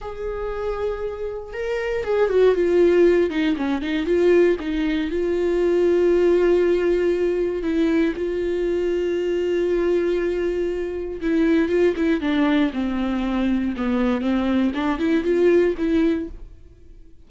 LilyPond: \new Staff \with { instrumentName = "viola" } { \time 4/4 \tempo 4 = 118 gis'2. ais'4 | gis'8 fis'8 f'4. dis'8 cis'8 dis'8 | f'4 dis'4 f'2~ | f'2. e'4 |
f'1~ | f'2 e'4 f'8 e'8 | d'4 c'2 b4 | c'4 d'8 e'8 f'4 e'4 | }